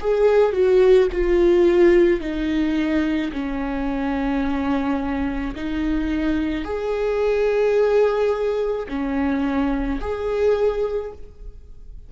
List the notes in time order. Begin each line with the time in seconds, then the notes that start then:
0.00 G#4
0.52 F#4
1.12 F4
2.20 D#4
3.32 C#4
5.56 D#4
6.64 G#4
8.88 C#4
10.01 G#4